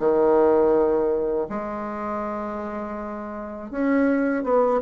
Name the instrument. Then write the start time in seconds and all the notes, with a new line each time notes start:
bassoon
0.00 D#3
1.50 G#3
3.71 C#4
4.44 B3